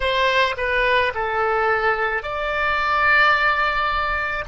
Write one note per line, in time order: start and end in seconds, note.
0.00 0.55 C5
0.57 1.12 B4
1.14 2.22 A4
2.22 4.44 D5